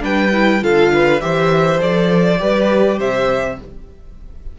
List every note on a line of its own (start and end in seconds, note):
0.00 0.62 G3
0.00 0.30 D4
0.00 0.63 B4
0.00 0.64 G5
0.32 0.62 E4
0.62 1.22 D3
0.62 1.21 F4
0.62 0.93 A4
0.62 1.21 F5
0.93 1.23 B4
1.21 1.81 E3
1.21 1.79 G4
1.21 2.41 C5
1.21 1.80 E5
1.79 2.41 F3
1.79 2.38 A4
1.79 3.00 D5
2.38 2.99 G3
2.38 3.57 G4
2.38 2.98 B4
2.98 3.59 C3
2.98 3.58 C5
2.98 3.59 E5